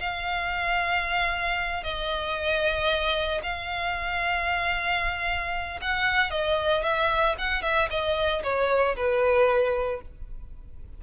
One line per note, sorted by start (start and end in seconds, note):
0.00 1.84 F5
1.84 3.42 D#5
3.43 5.80 F5
5.82 6.31 F#5
6.31 6.83 D#5
6.83 7.36 E5
7.39 7.63 F#5
7.63 7.89 E5
7.90 8.43 D#5
8.44 8.96 C#5
8.96 10.02 B4